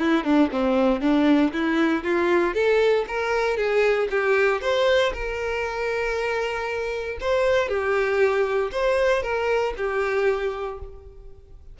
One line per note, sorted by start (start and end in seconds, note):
0.00 0.24 E4
0.24 0.50 D4
0.52 1.02 C4
1.02 1.53 D4
1.53 2.04 E4
2.04 2.55 F4
2.55 3.06 A4
3.08 3.58 A#4
3.58 4.09 G#4
4.11 4.62 G4
4.62 5.13 C5
5.14 7.19 A#4
7.21 7.69 C5
7.69 8.72 G4
8.72 9.23 C5
9.23 9.74 A#4
9.77 10.80 G4